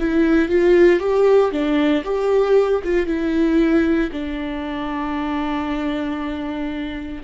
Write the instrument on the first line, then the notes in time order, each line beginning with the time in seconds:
viola
0.00 E4
0.49 F4
1.00 G4
1.52 D4
2.05 G4
2.84 F4
3.07 E4
4.12 D4